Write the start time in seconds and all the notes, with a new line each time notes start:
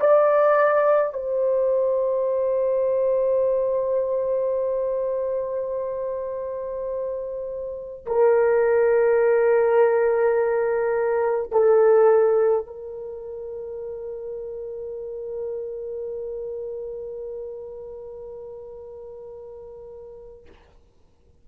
0.00 D5
1.13 C5
8.06 A#4
11.52 A4
12.66 A#4